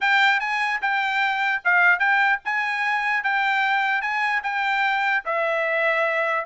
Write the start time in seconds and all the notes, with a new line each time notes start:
0.00 G5
0.40 G#5
0.81 G5
1.64 F5
1.99 G5
2.45 G#5
3.23 G5
4.01 G#5
4.43 G5
5.25 E5